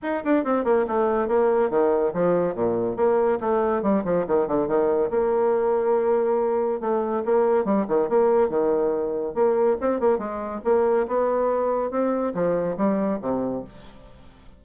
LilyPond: \new Staff \with { instrumentName = "bassoon" } { \time 4/4 \tempo 4 = 141 dis'8 d'8 c'8 ais8 a4 ais4 | dis4 f4 ais,4 ais4 | a4 g8 f8 dis8 d8 dis4 | ais1 |
a4 ais4 g8 dis8 ais4 | dis2 ais4 c'8 ais8 | gis4 ais4 b2 | c'4 f4 g4 c4 | }